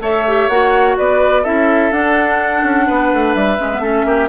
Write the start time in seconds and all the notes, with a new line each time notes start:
0.00 A3 A4 C#5 E5
0.27 G4
0.48 A#3 F#4 F#5
0.97 B3 B4 D5
1.42 C#4 E4 A4 E5
1.91 D4 F#5
2.63 C#4
2.87 B3 B4
3.13 A3
3.34 G3 E5
3.58 G#3 C#4
3.72 B3
3.78 A3 C#4 A4
4.05 A#3 G4